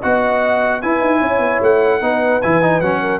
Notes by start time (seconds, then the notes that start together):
0.00 B3 F#4 D#5 F#5
0.82 E4 B4 G#5
1.01 D#4
1.19 C#4 C#5
1.39 B3
1.62 A3 F#5
2.01 B3 D#4 B4
2.42 E3 E4 G#5
2.62 D#4
2.81 F#3 C#4 F#5
3.01 A#4